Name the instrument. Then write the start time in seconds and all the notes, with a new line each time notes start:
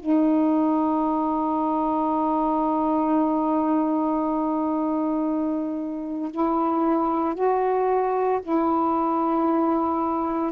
saxophone
0.00 D#4
6.31 E4
7.35 F#4
8.43 E4